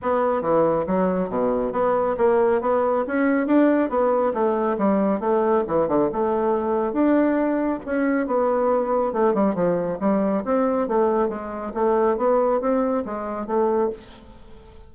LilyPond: \new Staff \with { instrumentName = "bassoon" } { \time 4/4 \tempo 4 = 138 b4 e4 fis4 b,4 | b4 ais4 b4 cis'4 | d'4 b4 a4 g4 | a4 e8 d8 a2 |
d'2 cis'4 b4~ | b4 a8 g8 f4 g4 | c'4 a4 gis4 a4 | b4 c'4 gis4 a4 | }